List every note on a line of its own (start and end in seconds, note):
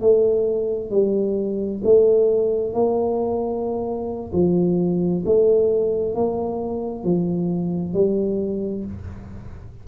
0.00 0.90 A3
0.90 1.81 G3
1.84 2.73 A3
2.73 4.32 A#3
4.33 5.24 F3
5.25 6.14 A3
6.14 7.04 A#3
7.04 7.93 F3
7.93 8.84 G3